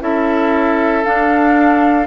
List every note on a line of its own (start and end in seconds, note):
0.00 1.03 C#4
0.00 1.04 E4
0.00 2.06 A4
0.00 1.03 E5
1.03 2.06 D4
1.03 2.06 F5